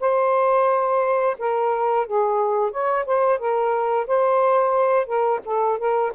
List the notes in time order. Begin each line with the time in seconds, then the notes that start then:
0.00 C5
1.38 A#4
2.06 G#4
2.71 C#5
3.06 C5
3.38 A#4
4.07 C5
5.06 A#4
5.45 A4
5.78 A#4